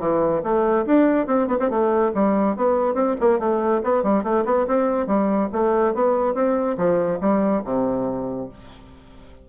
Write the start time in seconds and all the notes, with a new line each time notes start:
0.00 E3
0.44 A3
0.86 D4
1.28 C4
1.48 B3
1.60 C4
1.70 A3
2.15 G3
2.57 B3
2.95 C4
3.21 A#3
3.40 A3
3.84 B3
4.04 G3
4.24 A3
4.46 B3
4.67 C4
5.07 G3
5.53 A3
5.95 B3
6.35 C4
6.78 F3
7.21 G3
7.65 C3